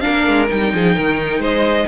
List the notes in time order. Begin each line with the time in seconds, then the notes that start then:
0.00 D4 A#4 F5
0.07 A#3
0.28 G#3
0.48 G3 D#4 G5
0.74 F3 G#4
0.96 D#3 A#4
1.39 G#3 C5 D#5